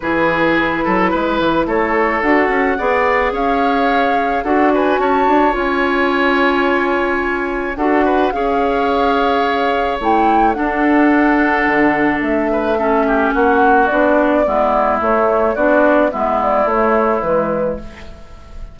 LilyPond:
<<
  \new Staff \with { instrumentName = "flute" } { \time 4/4 \tempo 4 = 108 b'2. cis''4 | fis''2 f''2 | fis''8 gis''8 a''4 gis''2~ | gis''2 fis''4 f''4~ |
f''2 g''4 fis''4~ | fis''2 e''2 | fis''4 d''2 cis''4 | d''4 e''8 d''8 cis''4 b'4 | }
  \new Staff \with { instrumentName = "oboe" } { \time 4/4 gis'4. a'8 b'4 a'4~ | a'4 d''4 cis''2 | a'8 b'8 cis''2.~ | cis''2 a'8 b'8 cis''4~ |
cis''2. a'4~ | a'2~ a'8 b'8 a'8 g'8 | fis'2 e'2 | fis'4 e'2. | }
  \new Staff \with { instrumentName = "clarinet" } { \time 4/4 e'1 | fis'4 gis'2. | fis'2 f'2~ | f'2 fis'4 gis'4~ |
gis'2 e'4 d'4~ | d'2. cis'4~ | cis'4 d'4 b4 a4 | d'4 b4 a4 gis4 | }
  \new Staff \with { instrumentName = "bassoon" } { \time 4/4 e4. fis8 gis8 e8 a4 | d'8 cis'8 b4 cis'2 | d'4 cis'8 d'8 cis'2~ | cis'2 d'4 cis'4~ |
cis'2 a4 d'4~ | d'4 d4 a2 | ais4 b4 gis4 a4 | b4 gis4 a4 e4 | }
>>